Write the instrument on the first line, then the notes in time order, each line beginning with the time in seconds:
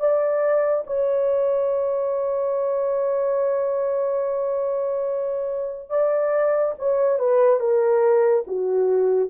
horn
0.00 D5
0.87 C#5
5.90 D5
6.79 C#5
7.19 B4
7.60 A#4
8.47 F#4